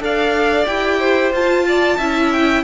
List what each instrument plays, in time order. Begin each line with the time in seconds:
0.00 cello D4, viola A4, violin D5 F5
0.66 cello E4, viola G4, violin G5
0.99 violin C5
1.32 cello F4, viola F4, violin A5
1.68 violin D5
1.97 cello C#4, viola E4, violin E5
2.32 violin G5